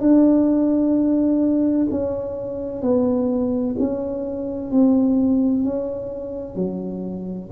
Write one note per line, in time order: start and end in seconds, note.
0.00 1.87 D4
1.90 2.82 C#4
2.82 3.75 B3
3.79 4.71 C#4
4.71 5.64 C4
5.64 6.55 C#4
6.55 7.49 F#3